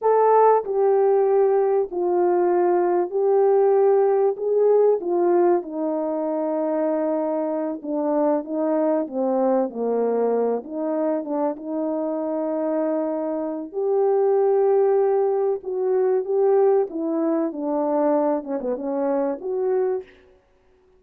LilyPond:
\new Staff \with { instrumentName = "horn" } { \time 4/4 \tempo 4 = 96 a'4 g'2 f'4~ | f'4 g'2 gis'4 | f'4 dis'2.~ | dis'8 d'4 dis'4 c'4 ais8~ |
ais4 dis'4 d'8 dis'4.~ | dis'2 g'2~ | g'4 fis'4 g'4 e'4 | d'4. cis'16 b16 cis'4 fis'4 | }